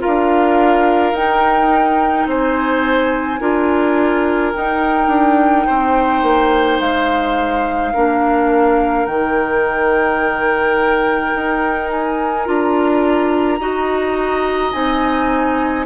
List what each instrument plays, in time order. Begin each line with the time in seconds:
0.00 clarinet F4, oboe A#4, flute F5
0.07 bassoon D4
1.13 bassoon D#4, clarinet D#4, flute G5
2.27 bassoon C4, oboe C5, flute G#5
3.41 bassoon D4, clarinet F4, oboe A#4
4.55 clarinet D#4, bassoon D#4, flute G5
5.08 bassoon D4
5.67 bassoon C4, oboe C5
6.23 bassoon A#3
6.81 bassoon G#3, flute F5
7.94 bassoon A#3, clarinet D4, oboe A#4
9.06 bassoon D#3, clarinet D#4, flute G5
11.35 bassoon D#4
11.91 flute G#5
12.46 bassoon D4, clarinet F4, flute A#5
13.60 bassoon D#4, clarinet F#4, oboe D#5
14.73 bassoon C4, clarinet D#4, flute G#5